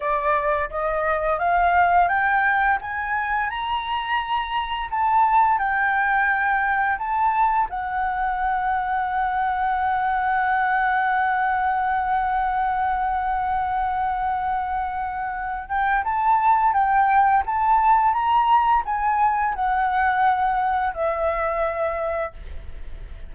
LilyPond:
\new Staff \with { instrumentName = "flute" } { \time 4/4 \tempo 4 = 86 d''4 dis''4 f''4 g''4 | gis''4 ais''2 a''4 | g''2 a''4 fis''4~ | fis''1~ |
fis''1~ | fis''2~ fis''8 g''8 a''4 | g''4 a''4 ais''4 gis''4 | fis''2 e''2 | }